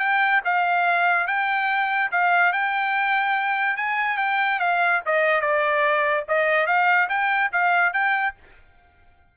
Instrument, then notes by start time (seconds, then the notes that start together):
trumpet
0.00 G5
0.45 F5
1.28 G5
2.12 F5
2.53 G5
3.77 G#5
4.18 G5
4.60 F5
5.06 D#5
5.41 D5
6.29 D#5
6.67 F5
7.10 G5
7.53 F5
7.93 G5